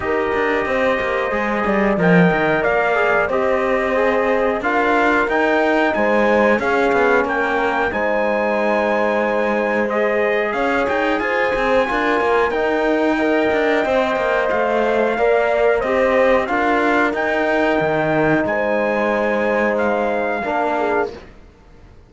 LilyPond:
<<
  \new Staff \with { instrumentName = "trumpet" } { \time 4/4 \tempo 4 = 91 dis''2. g''4 | f''4 dis''2 f''4 | g''4 gis''4 f''4 g''4 | gis''2. dis''4 |
f''8 g''8 gis''2 g''4~ | g''2 f''2 | dis''4 f''4 g''2 | gis''2 f''2 | }
  \new Staff \with { instrumentName = "horn" } { \time 4/4 ais'4 c''4. d''8 dis''4 | d''4 c''2 ais'4~ | ais'4 c''4 gis'4 ais'4 | c''1 |
cis''4 c''4 ais'2 | dis''2. d''4 | c''4 ais'2. | c''2. ais'8 gis'8 | }
  \new Staff \with { instrumentName = "trombone" } { \time 4/4 g'2 gis'4 ais'4~ | ais'8 gis'8 g'4 gis'4 f'4 | dis'2 cis'2 | dis'2. gis'4~ |
gis'2 f'4 dis'4 | ais'4 c''2 ais'4 | g'4 f'4 dis'2~ | dis'2. d'4 | }
  \new Staff \with { instrumentName = "cello" } { \time 4/4 dis'8 d'8 c'8 ais8 gis8 g8 f8 dis8 | ais4 c'2 d'4 | dis'4 gis4 cis'8 b8 ais4 | gis1 |
cis'8 dis'8 f'8 c'8 d'8 ais8 dis'4~ | dis'8 d'8 c'8 ais8 a4 ais4 | c'4 d'4 dis'4 dis4 | gis2. ais4 | }
>>